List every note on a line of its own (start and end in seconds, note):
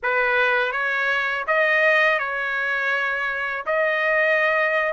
0.03 0.72 B4
0.72 1.45 C#5
1.47 2.18 D#5
2.18 3.65 C#5
3.66 4.93 D#5